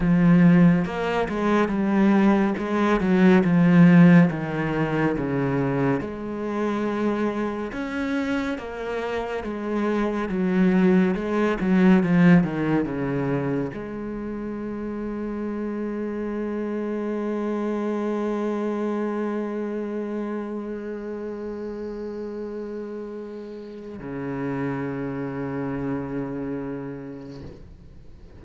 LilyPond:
\new Staff \with { instrumentName = "cello" } { \time 4/4 \tempo 4 = 70 f4 ais8 gis8 g4 gis8 fis8 | f4 dis4 cis4 gis4~ | gis4 cis'4 ais4 gis4 | fis4 gis8 fis8 f8 dis8 cis4 |
gis1~ | gis1~ | gis1 | cis1 | }